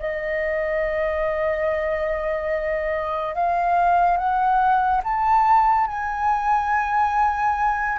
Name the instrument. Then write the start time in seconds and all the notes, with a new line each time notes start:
flute
0.00 D#5
3.35 F5
4.18 F#5
5.04 A5
5.88 G#5